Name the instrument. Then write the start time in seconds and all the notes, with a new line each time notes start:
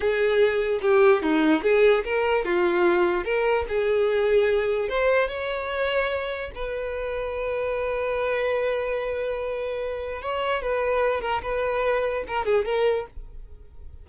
violin
0.00 G#4
0.81 G4
1.22 D#4
1.63 G#4
2.04 A#4
2.44 F4
3.24 A#4
3.68 G#4
4.88 C5
5.28 C#5
6.54 B4
10.22 C#5
10.62 B4
11.21 A#4
11.42 B4
12.27 A#4
12.45 G#4
12.65 A#4